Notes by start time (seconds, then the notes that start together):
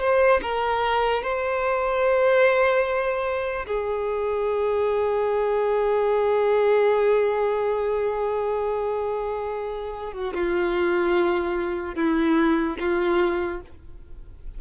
0.00 C5
0.42 A#4
1.23 C5
3.66 G#4
10.13 F#4
10.34 F4
11.95 E4
12.80 F4